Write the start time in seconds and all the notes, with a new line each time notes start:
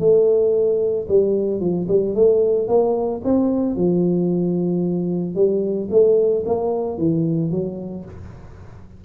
0.00 A3
1.09 G3
1.60 F3
1.88 G3
2.15 A3
2.68 A#3
3.25 C4
3.76 F3
5.35 G3
5.91 A3
6.46 A#3
6.98 E3
7.51 F#3